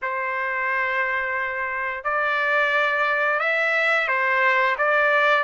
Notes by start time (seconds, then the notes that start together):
0.02 C5
2.04 D5
3.39 E5
4.08 C5
4.78 D5